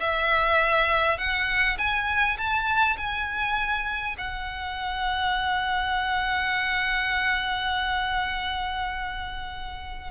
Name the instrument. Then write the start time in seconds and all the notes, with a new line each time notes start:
violin
0.00 E5
1.18 F#5
1.78 G#5
2.37 A5
2.97 G#5
4.18 F#5